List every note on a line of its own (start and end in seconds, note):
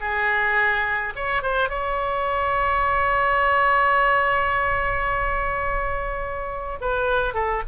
0.00 1.13 G#4
1.15 1.42 C#5
1.42 1.69 C5
1.69 6.78 C#5
6.80 7.34 B4
7.34 7.62 A4